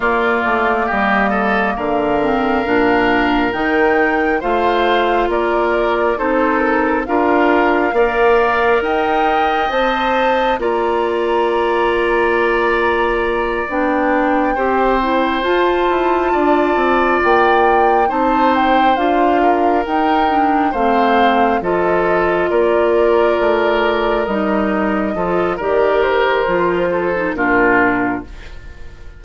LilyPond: <<
  \new Staff \with { instrumentName = "flute" } { \time 4/4 \tempo 4 = 68 d''4 dis''4 f''2 | g''4 f''4 d''4 c''8 ais'8 | f''2 g''4 a''4 | ais''2.~ ais''8 g''8~ |
g''4. a''2 g''8~ | g''8 a''8 g''8 f''4 g''4 f''8~ | f''8 dis''4 d''2 dis''8~ | dis''4 d''8 c''4. ais'4 | }
  \new Staff \with { instrumentName = "oboe" } { \time 4/4 f'4 g'8 a'8 ais'2~ | ais'4 c''4 ais'4 a'4 | ais'4 d''4 dis''2 | d''1~ |
d''8 c''2 d''4.~ | d''8 c''4. ais'4. c''8~ | c''8 a'4 ais'2~ ais'8~ | ais'8 a'8 ais'4. a'8 f'4 | }
  \new Staff \with { instrumentName = "clarinet" } { \time 4/4 ais2~ ais8 c'8 d'4 | dis'4 f'2 dis'4 | f'4 ais'2 c''4 | f'2.~ f'8 d'8~ |
d'8 g'8 e'8 f'2~ f'8~ | f'8 dis'4 f'4 dis'8 d'8 c'8~ | c'8 f'2. dis'8~ | dis'8 f'8 g'4 f'8. dis'16 d'4 | }
  \new Staff \with { instrumentName = "bassoon" } { \time 4/4 ais8 a8 g4 d4 ais,4 | dis4 a4 ais4 c'4 | d'4 ais4 dis'4 c'4 | ais2.~ ais8 b8~ |
b8 c'4 f'8 e'8 d'8 c'8 ais8~ | ais8 c'4 d'4 dis'4 a8~ | a8 f4 ais4 a4 g8~ | g8 f8 dis4 f4 ais,4 | }
>>